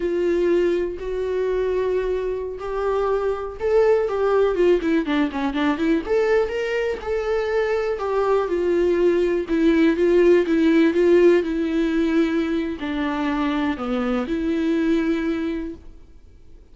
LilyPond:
\new Staff \with { instrumentName = "viola" } { \time 4/4 \tempo 4 = 122 f'2 fis'2~ | fis'4~ fis'16 g'2 a'8.~ | a'16 g'4 f'8 e'8 d'8 cis'8 d'8 e'16~ | e'16 a'4 ais'4 a'4.~ a'16~ |
a'16 g'4 f'2 e'8.~ | e'16 f'4 e'4 f'4 e'8.~ | e'2 d'2 | b4 e'2. | }